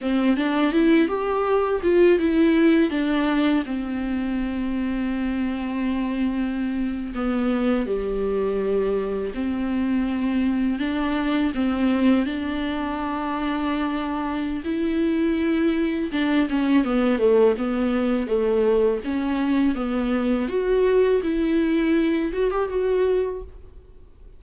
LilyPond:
\new Staff \with { instrumentName = "viola" } { \time 4/4 \tempo 4 = 82 c'8 d'8 e'8 g'4 f'8 e'4 | d'4 c'2.~ | c'4.~ c'16 b4 g4~ g16~ | g8. c'2 d'4 c'16~ |
c'8. d'2.~ d'16 | e'2 d'8 cis'8 b8 a8 | b4 a4 cis'4 b4 | fis'4 e'4. fis'16 g'16 fis'4 | }